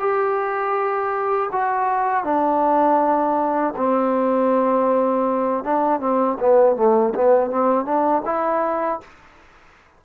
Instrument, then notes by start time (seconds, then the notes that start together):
trombone
0.00 G4
1.52 F#4
2.24 D4
3.77 C4
5.65 D4
6.00 C4
6.40 B3
6.76 A3
7.15 B3
7.51 C4
7.85 D4
8.26 E4